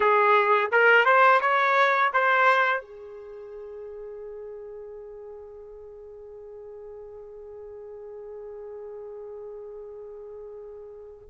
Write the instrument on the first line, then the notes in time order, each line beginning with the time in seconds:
trumpet
0.00 G#4
0.71 A#4
1.05 C5
1.40 C#5
2.13 C5
2.81 G#4